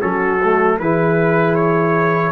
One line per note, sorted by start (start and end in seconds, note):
0.00 0.80 F#3
0.00 0.39 C#4
0.00 0.77 F#4
0.00 0.78 A4
0.44 0.81 A3
0.79 2.32 E3
0.79 2.32 E4
0.79 2.32 G#4
0.79 1.55 B4
1.55 2.32 C#5